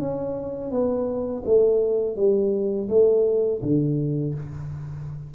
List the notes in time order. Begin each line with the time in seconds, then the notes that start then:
0.00 C#4
0.71 B3
1.46 A3
2.17 G3
2.89 A3
3.63 D3